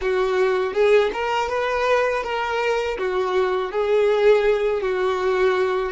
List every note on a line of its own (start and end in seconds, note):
0.01 0.73 F#4
0.73 1.10 G#4
1.13 1.48 A#4
1.48 2.23 B4
2.23 2.97 A#4
2.98 3.71 F#4
3.71 4.81 G#4
4.81 5.92 F#4